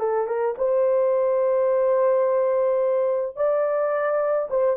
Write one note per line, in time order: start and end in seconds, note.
0.00 0.28 A4
0.28 0.56 A#4
0.58 3.37 C5
3.37 4.49 D5
4.51 4.77 C5